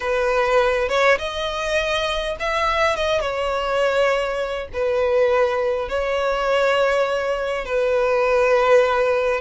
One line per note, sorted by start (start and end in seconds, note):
0.00 0.88 B4
0.88 1.18 C#5
1.18 2.36 D#5
2.39 2.95 E5
2.95 3.21 D#5
3.21 4.68 C#5
4.73 5.88 B4
5.88 7.65 C#5
7.65 9.41 B4